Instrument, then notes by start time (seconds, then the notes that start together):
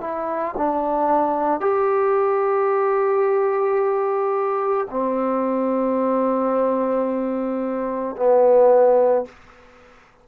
trombone
0.00 E4
0.58 D4
1.60 G4
4.90 C4
8.16 B3